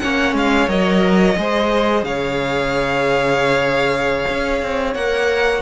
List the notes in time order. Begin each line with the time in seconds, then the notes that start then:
0.00 A#3 C#4 C#5 F#5
0.34 G#3 F5
0.68 F#3 A#4 D#5
1.37 G#3 G#4 C5
2.04 C#3 C#5 F5
4.30 C#4
4.62 C4
4.95 A#3 A#4 F#5